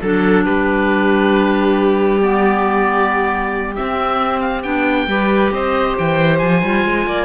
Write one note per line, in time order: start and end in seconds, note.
0.00 0.45 F#3
0.00 2.20 D4
0.00 0.44 A4
0.44 3.77 G3
0.44 5.08 G4
0.44 2.21 B4
2.20 3.75 B3
2.20 3.75 D5
3.75 4.63 C4
3.75 4.64 C4
3.75 4.39 E5
4.39 4.61 F5
4.62 5.06 B3
4.62 5.07 D4
4.62 5.50 G5
5.06 5.50 G3
5.06 6.62 G4
5.06 5.53 B4
5.51 5.95 C4
5.51 7.07 C5
5.51 5.97 D#5
5.98 6.42 E3
5.98 6.38 G5
6.38 6.62 F3
6.38 7.24 G#5
6.62 6.84 G3
6.62 7.24 F4
6.84 7.06 G#3
7.06 7.24 A#3
7.06 7.24 D5